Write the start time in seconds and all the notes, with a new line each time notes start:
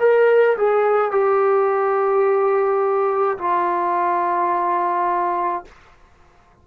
0.00 A#4
0.58 G#4
1.12 G4
3.39 F4